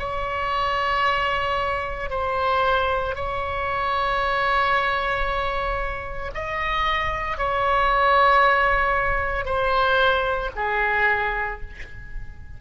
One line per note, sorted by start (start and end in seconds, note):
0.00 2.11 C#5
2.11 3.16 C5
3.16 6.32 C#5
6.35 7.38 D#5
7.38 9.46 C#5
9.46 10.51 C5
10.56 11.61 G#4